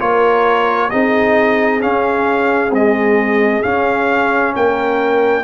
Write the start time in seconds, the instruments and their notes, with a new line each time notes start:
0.00 tuba A#3, trombone F4, horn A#4, trumpet C#5
0.90 tuba C4, trombone D#4, horn G#4, trumpet D#5
1.81 trombone C#4, tuba C#4, trumpet F5
2.70 trombone G#3, tuba C4, trumpet D#5
3.63 trombone C#4, tuba C#4, trumpet F5
4.56 tuba A#3, horn A#4, trumpet G5